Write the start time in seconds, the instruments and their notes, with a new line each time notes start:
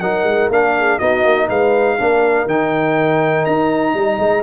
0.00 tuba F#3, trombone D#4, horn A#4, trumpet F#5
0.23 tuba G#3
0.49 tuba A#3, trombone D4, trumpet F5
0.78 horn G#4
0.98 tuba B3, trombone D#4, horn F#4, trumpet D#5
1.24 tuba A#3
1.48 tuba G#3, horn B4, trumpet F5
1.98 tuba A#3, trombone D4, horn A#4
2.46 tuba D#3, trombone D#4, trumpet G5
3.45 tuba D#4, trumpet A#5
3.94 tuba G3, horn D#5
4.19 tuba G#3